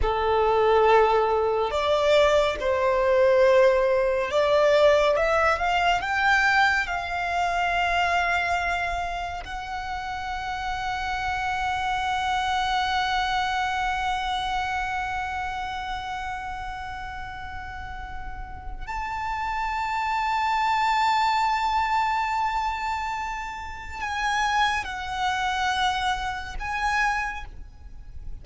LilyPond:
\new Staff \with { instrumentName = "violin" } { \time 4/4 \tempo 4 = 70 a'2 d''4 c''4~ | c''4 d''4 e''8 f''8 g''4 | f''2. fis''4~ | fis''1~ |
fis''1~ | fis''2 a''2~ | a''1 | gis''4 fis''2 gis''4 | }